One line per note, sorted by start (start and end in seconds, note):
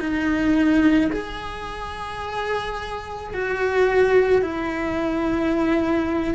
0.00 1.11 D#4
1.12 3.34 G#4
3.34 4.42 F#4
4.42 6.35 E4